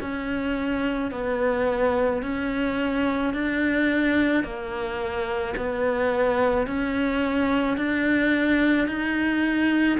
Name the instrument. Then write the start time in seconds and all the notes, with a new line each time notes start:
cello
0.00 C#4
1.11 B3
2.22 C#4
3.33 D4
4.43 A#3
5.57 B3
6.67 C#4
7.77 D4
8.87 D#4